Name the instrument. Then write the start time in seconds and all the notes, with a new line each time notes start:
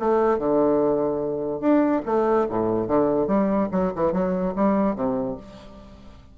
bassoon
0.00 A3
0.39 D3
1.60 D4
2.06 A3
2.50 A2
2.88 D3
3.28 G3
3.72 F#3
3.96 E3
4.13 F#3
4.56 G3
4.96 C3